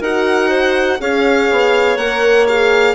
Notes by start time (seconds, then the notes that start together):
0.00 D#4 F#4 A#4 F#5
0.49 C5
0.99 C#4 G#4 C#5 F5
1.51 B3
1.97 A#3 A#4 F#5
2.48 G#4 F5